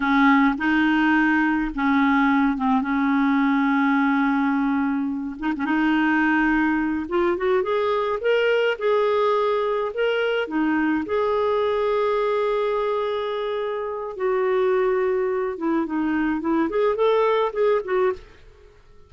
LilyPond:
\new Staff \with { instrumentName = "clarinet" } { \time 4/4 \tempo 4 = 106 cis'4 dis'2 cis'4~ | cis'8 c'8 cis'2.~ | cis'4. dis'16 cis'16 dis'2~ | dis'8 f'8 fis'8 gis'4 ais'4 gis'8~ |
gis'4. ais'4 dis'4 gis'8~ | gis'1~ | gis'4 fis'2~ fis'8 e'8 | dis'4 e'8 gis'8 a'4 gis'8 fis'8 | }